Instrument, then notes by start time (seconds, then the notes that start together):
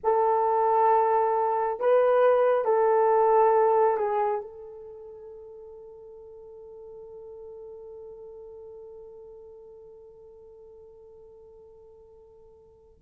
horn
0.03 A4
1.79 B4
2.64 A4
3.97 G#4
4.41 A4